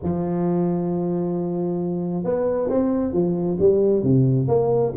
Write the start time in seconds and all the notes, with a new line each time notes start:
0.02 F3
2.24 B3
2.69 C4
3.12 F3
3.59 G3
4.02 C3
4.48 A#3